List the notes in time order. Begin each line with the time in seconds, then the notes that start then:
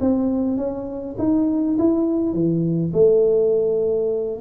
0.00 C4
0.57 C#4
1.18 D#4
1.78 E4
2.33 E3
2.93 A3